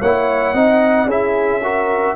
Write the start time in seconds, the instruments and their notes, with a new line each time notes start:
0.00 tuba A#3, trombone E4, horn C#5, trumpet F#5
0.54 tuba C4, trombone D#4, horn D#5
1.05 tuba C#4, trombone E4, horn G#4, trumpet E5
1.62 trombone F#4, horn A#4